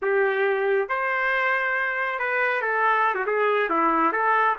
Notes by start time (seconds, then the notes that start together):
0.02 G4
0.89 C5
2.19 B4
2.61 A4
3.14 F#4
3.26 G#4
3.69 E4
4.12 A4